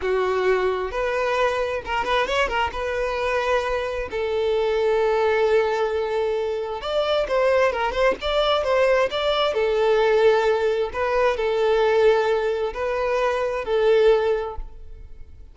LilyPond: \new Staff \with { instrumentName = "violin" } { \time 4/4 \tempo 4 = 132 fis'2 b'2 | ais'8 b'8 cis''8 ais'8 b'2~ | b'4 a'2.~ | a'2. d''4 |
c''4 ais'8 c''8 d''4 c''4 | d''4 a'2. | b'4 a'2. | b'2 a'2 | }